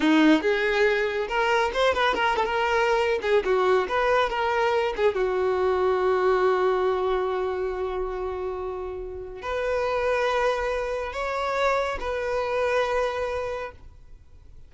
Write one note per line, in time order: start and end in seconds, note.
0.00 0.41 D#4
0.41 1.27 G#4
1.28 1.71 A#4
1.73 1.93 C5
1.93 2.14 B4
2.14 2.36 A#4
2.36 2.44 A4
2.44 3.19 A#4
3.21 3.43 G#4
3.44 3.87 F#4
3.88 4.29 B4
4.29 4.94 A#4
4.96 5.14 G#4
5.14 9.42 F#4
9.42 11.12 B4
11.12 11.98 C#5
12.00 13.71 B4